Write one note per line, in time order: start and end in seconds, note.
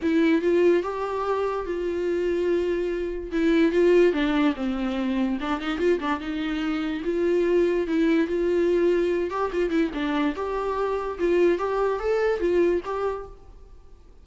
0.02 0.41 E4
0.41 0.82 F4
0.82 1.65 G4
1.65 3.31 F4
3.31 3.72 E4
3.72 4.12 F4
4.12 4.54 D4
4.55 5.38 C4
5.40 5.60 D4
5.60 5.78 D#4
5.78 5.99 F4
5.99 6.20 D4
6.20 7.03 D#4
7.04 7.87 F4
7.87 8.27 E4
8.27 9.30 F4
9.30 9.51 G4
9.52 9.70 F4
9.70 9.90 E4
9.93 10.34 D4
10.35 11.18 G4
11.18 11.58 F4
11.58 11.99 G4
11.99 12.39 A4
12.39 12.81 F4
12.84 13.26 G4